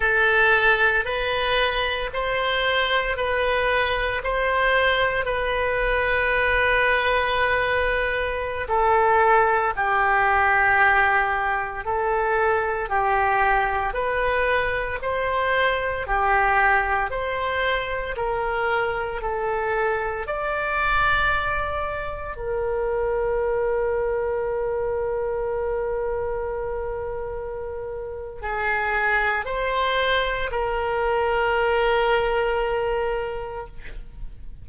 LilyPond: \new Staff \with { instrumentName = "oboe" } { \time 4/4 \tempo 4 = 57 a'4 b'4 c''4 b'4 | c''4 b'2.~ | b'16 a'4 g'2 a'8.~ | a'16 g'4 b'4 c''4 g'8.~ |
g'16 c''4 ais'4 a'4 d''8.~ | d''4~ d''16 ais'2~ ais'8.~ | ais'2. gis'4 | c''4 ais'2. | }